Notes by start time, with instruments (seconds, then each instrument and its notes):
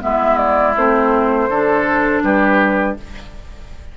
0.00 bassoon G#3, clarinet B3, oboe E4, flute E5
0.38 flute D5
0.76 bassoon A3, clarinet C4, flute C5
1.49 bassoon D3, clarinet D4, oboe A4
2.23 bassoon G3, oboe G4, flute B4